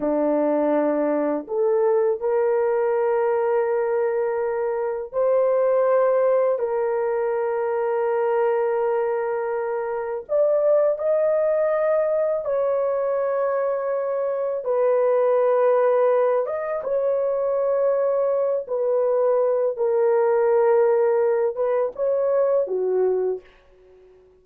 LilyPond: \new Staff \with { instrumentName = "horn" } { \time 4/4 \tempo 4 = 82 d'2 a'4 ais'4~ | ais'2. c''4~ | c''4 ais'2.~ | ais'2 d''4 dis''4~ |
dis''4 cis''2. | b'2~ b'8 dis''8 cis''4~ | cis''4. b'4. ais'4~ | ais'4. b'8 cis''4 fis'4 | }